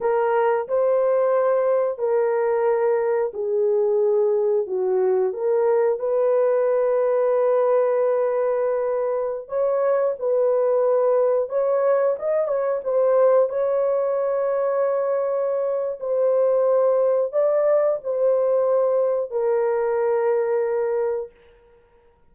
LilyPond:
\new Staff \with { instrumentName = "horn" } { \time 4/4 \tempo 4 = 90 ais'4 c''2 ais'4~ | ais'4 gis'2 fis'4 | ais'4 b'2.~ | b'2~ b'16 cis''4 b'8.~ |
b'4~ b'16 cis''4 dis''8 cis''8 c''8.~ | c''16 cis''2.~ cis''8. | c''2 d''4 c''4~ | c''4 ais'2. | }